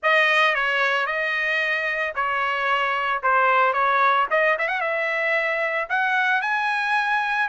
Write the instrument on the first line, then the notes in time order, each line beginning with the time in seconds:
trumpet
0.03 D#5
0.55 C#5
1.06 D#5
2.15 C#5
3.22 C5
3.73 C#5
4.30 D#5
4.58 E5
4.68 F#5
4.80 E5
5.89 F#5
6.41 G#5